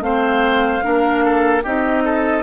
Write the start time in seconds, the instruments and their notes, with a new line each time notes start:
0.00 bassoon A3, clarinet C4, oboe C5, flute F5
0.82 bassoon A#3, clarinet D4, oboe A#4
1.25 oboe A4
1.64 bassoon C4, clarinet D#4, oboe G4, flute D#5
2.05 oboe A4